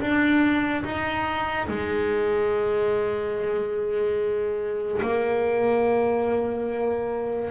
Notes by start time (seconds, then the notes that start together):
0.00 D4
0.84 D#4
1.67 G#3
5.02 A#3